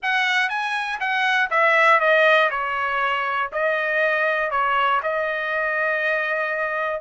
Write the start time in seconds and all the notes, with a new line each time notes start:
0.02 F#5
0.49 G#5
1.00 F#5
1.50 E5
2.00 D#5
2.50 C#5
3.52 D#5
4.50 C#5
5.02 D#5